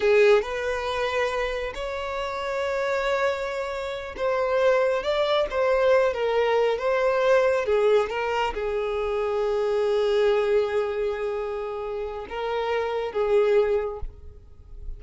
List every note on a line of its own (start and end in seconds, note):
0.00 0.41 G#4
0.41 1.73 B4
1.74 4.15 C#5
4.16 5.03 C5
5.03 5.46 D5
5.50 6.13 C5
6.13 6.78 A#4
6.78 7.65 C5
7.65 8.09 G#4
8.09 8.53 A#4
8.54 12.26 G#4
12.29 13.12 A#4
13.12 14.00 G#4